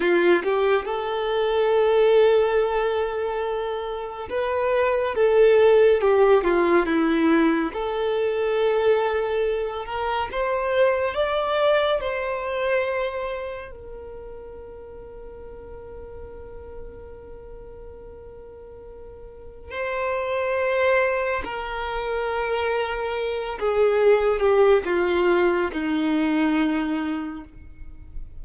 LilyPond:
\new Staff \with { instrumentName = "violin" } { \time 4/4 \tempo 4 = 70 f'8 g'8 a'2.~ | a'4 b'4 a'4 g'8 f'8 | e'4 a'2~ a'8 ais'8 | c''4 d''4 c''2 |
ais'1~ | ais'2. c''4~ | c''4 ais'2~ ais'8 gis'8~ | gis'8 g'8 f'4 dis'2 | }